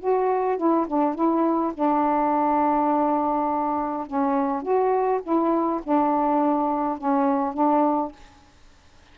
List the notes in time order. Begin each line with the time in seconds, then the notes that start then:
0.00 F#4
0.58 E4
0.88 D4
1.15 E4
1.74 D4
4.07 C#4
4.63 F#4
5.23 E4
5.84 D4
6.98 C#4
7.54 D4